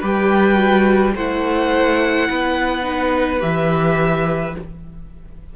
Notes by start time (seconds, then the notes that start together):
0.00 G3 G4 B4 G5
0.54 F#4
1.15 A3 E4 C5 F#5
2.29 B3 B4
2.83 D#4
3.40 E3 G4 E5